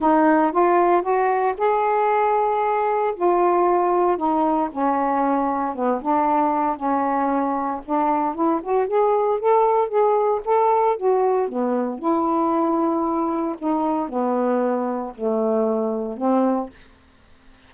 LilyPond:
\new Staff \with { instrumentName = "saxophone" } { \time 4/4 \tempo 4 = 115 dis'4 f'4 fis'4 gis'4~ | gis'2 f'2 | dis'4 cis'2 b8 d'8~ | d'4 cis'2 d'4 |
e'8 fis'8 gis'4 a'4 gis'4 | a'4 fis'4 b4 e'4~ | e'2 dis'4 b4~ | b4 a2 c'4 | }